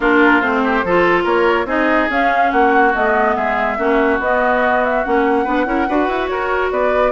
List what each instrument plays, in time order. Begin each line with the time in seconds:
0.00 bassoon A#3, clarinet D4, oboe F4, flute A#4
0.41 bassoon A3, clarinet C4, flute C5
0.63 oboe G4
0.84 bassoon F3, clarinet F4, oboe A4
1.23 bassoon A#3, oboe A#4, flute C#5
1.65 bassoon C4, clarinet D#4, oboe G#4, flute D#5
2.09 bassoon C#4, clarinet C#4, flute F5
2.51 bassoon A#3, oboe F#4, flute F#5
2.94 bassoon A3, clarinet B3, flute D#5
3.35 bassoon G#3, oboe G#4, flute E5
3.78 bassoon A#3, clarinet C#4, oboe F#4
4.19 bassoon B3, clarinet B3, flute D#5
4.84 flute E5
5.04 bassoon A#3, clarinet C#4, flute F#5
5.44 bassoon B3, clarinet D4, oboe B4
5.65 bassoon C#4, clarinet E4, oboe A#4
5.88 bassoon D4, clarinet F#4, oboe B4
6.08 bassoon E4
6.26 bassoon F#4, oboe A#4, flute C#5
6.71 bassoon B3, oboe B4, flute D5